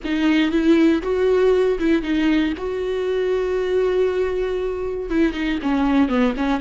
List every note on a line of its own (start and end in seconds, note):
0.04 0.51 D#4
0.51 1.01 E4
1.02 1.78 F#4
1.79 2.02 E4
2.02 2.53 D#4
2.57 5.09 F#4
5.09 5.33 E4
5.33 5.58 D#4
5.62 6.08 C#4
6.08 6.34 B3
6.37 6.60 C#4